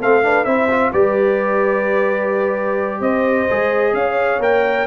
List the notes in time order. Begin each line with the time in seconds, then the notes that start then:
0.00 A3 C4 A4 F5
0.23 D4 B4
0.45 C4 E4 C5 E5
0.71 F4
0.92 G3 G4 B4 D5
3.01 C4 C5 D#5
3.50 G#3 G#4
3.93 C#4 C#5 F5
4.39 A#3 A#4 G5